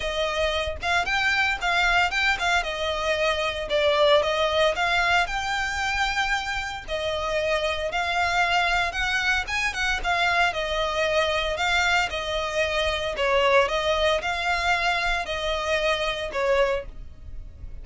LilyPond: \new Staff \with { instrumentName = "violin" } { \time 4/4 \tempo 4 = 114 dis''4. f''8 g''4 f''4 | g''8 f''8 dis''2 d''4 | dis''4 f''4 g''2~ | g''4 dis''2 f''4~ |
f''4 fis''4 gis''8 fis''8 f''4 | dis''2 f''4 dis''4~ | dis''4 cis''4 dis''4 f''4~ | f''4 dis''2 cis''4 | }